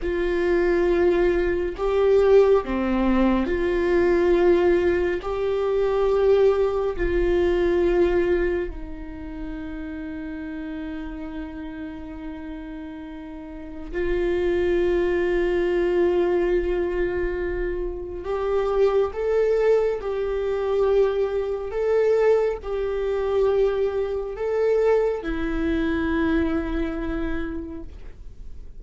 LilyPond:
\new Staff \with { instrumentName = "viola" } { \time 4/4 \tempo 4 = 69 f'2 g'4 c'4 | f'2 g'2 | f'2 dis'2~ | dis'1 |
f'1~ | f'4 g'4 a'4 g'4~ | g'4 a'4 g'2 | a'4 e'2. | }